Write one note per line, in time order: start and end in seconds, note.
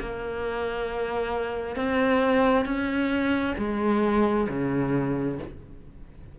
0.00 1.75 A#3
1.75 2.65 C4
2.65 3.55 C#4
3.58 4.47 G#3
4.49 5.39 C#3